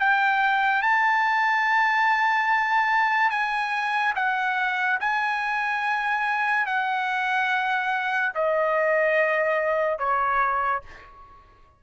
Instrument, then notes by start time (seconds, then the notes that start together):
trumpet
0.00 G5
0.83 A5
3.31 G#5
4.16 F#5
5.01 G#5
6.67 F#5
8.35 D#5
9.99 C#5